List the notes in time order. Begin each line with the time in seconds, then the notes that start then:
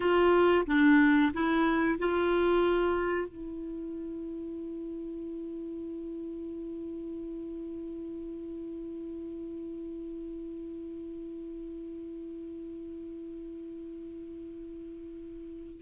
0.00 F4
0.66 D4
1.33 E4
1.98 F4
3.28 E4